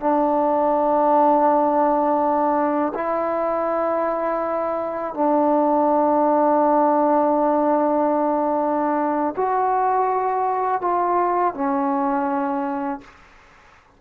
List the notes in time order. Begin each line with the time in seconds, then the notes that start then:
0.00 D4
2.94 E4
5.14 D4
9.36 F#4
10.81 F4
11.54 C#4